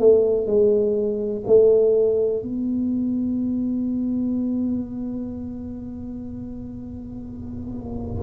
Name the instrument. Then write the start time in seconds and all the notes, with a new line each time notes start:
tuba
0.00 A3
0.47 G#3
1.47 A3
2.43 B3